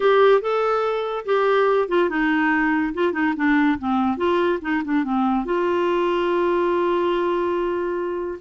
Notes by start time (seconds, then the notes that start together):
0.00 G4
0.41 A4
1.25 G4
1.88 F4
2.09 D#4
2.94 F4
3.13 D#4
3.36 D4
3.79 C4
4.17 F4
4.61 D#4
4.84 D4
5.03 C4
5.45 F4